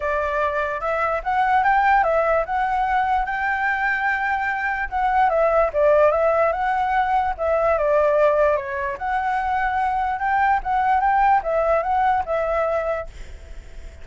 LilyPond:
\new Staff \with { instrumentName = "flute" } { \time 4/4 \tempo 4 = 147 d''2 e''4 fis''4 | g''4 e''4 fis''2 | g''1 | fis''4 e''4 d''4 e''4 |
fis''2 e''4 d''4~ | d''4 cis''4 fis''2~ | fis''4 g''4 fis''4 g''4 | e''4 fis''4 e''2 | }